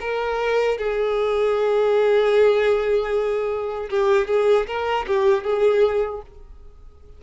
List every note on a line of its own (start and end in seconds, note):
0.00 0.78 A#4
0.78 3.89 G#4
3.90 4.27 G4
4.27 4.66 G#4
4.67 5.06 A#4
5.06 5.43 G4
5.43 6.21 G#4